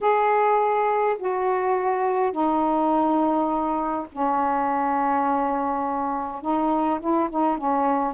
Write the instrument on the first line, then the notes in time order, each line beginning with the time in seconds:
saxophone
0.00 G#4
1.18 F#4
2.32 D#4
4.12 C#4
6.41 D#4
7.00 E4
7.30 D#4
7.57 C#4